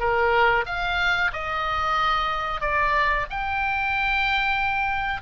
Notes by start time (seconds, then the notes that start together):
0.00 A#4
0.66 F5
1.33 D#5
2.61 D5
3.30 G5